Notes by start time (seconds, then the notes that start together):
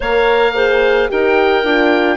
0.00 A#3 A#4 C#5 F5
0.54 G#4 C5
1.08 D#4 G4 A#4 G5
1.64 D4 F4